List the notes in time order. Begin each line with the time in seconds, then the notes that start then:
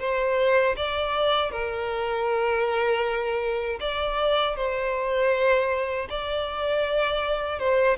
0.00 C5
0.77 D5
1.52 A#4
3.80 D5
4.56 C5
6.10 D5
7.59 C5